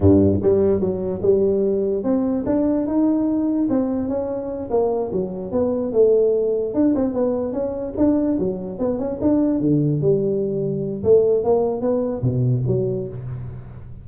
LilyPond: \new Staff \with { instrumentName = "tuba" } { \time 4/4 \tempo 4 = 147 g,4 g4 fis4 g4~ | g4 c'4 d'4 dis'4~ | dis'4 c'4 cis'4. ais8~ | ais8 fis4 b4 a4.~ |
a8 d'8 c'8 b4 cis'4 d'8~ | d'8 fis4 b8 cis'8 d'4 d8~ | d8 g2~ g8 a4 | ais4 b4 b,4 fis4 | }